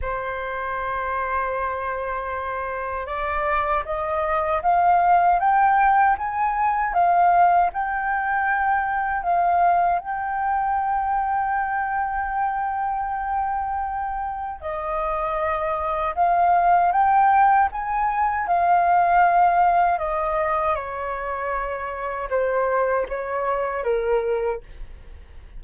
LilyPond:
\new Staff \with { instrumentName = "flute" } { \time 4/4 \tempo 4 = 78 c''1 | d''4 dis''4 f''4 g''4 | gis''4 f''4 g''2 | f''4 g''2.~ |
g''2. dis''4~ | dis''4 f''4 g''4 gis''4 | f''2 dis''4 cis''4~ | cis''4 c''4 cis''4 ais'4 | }